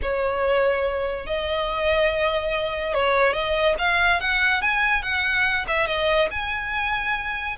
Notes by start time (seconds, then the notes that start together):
0.02 C#5
1.26 D#5
2.94 C#5
3.33 D#5
3.78 F5
4.20 F#5
4.61 G#5
5.02 F#5
5.67 E5
5.86 D#5
6.30 G#5